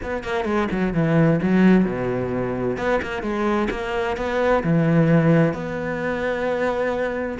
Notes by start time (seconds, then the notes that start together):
0.03 B3
0.23 A#3
0.44 G#3
0.71 F#3
0.93 E3
1.42 F#3
1.84 B2
2.77 B3
3.02 A#3
3.22 G#3
3.70 A#3
4.16 B3
4.63 E3
5.53 B3